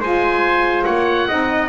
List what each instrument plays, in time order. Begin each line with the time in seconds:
0.00 double bass G#3, saxophone F4, trumpet C5, oboe G#5
0.84 double bass A#3, trumpet C#5, oboe F#5
1.28 double bass C4, saxophone D#4, trumpet D#5